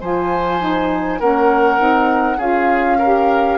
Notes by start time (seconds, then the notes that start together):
0.00 F3 F4 C5 G#5
0.59 D#4
1.19 A#3 C#4 A#4 F#5
1.78 C4 D#4
2.37 C#4 F4 G#4 F5
2.98 G4 A#4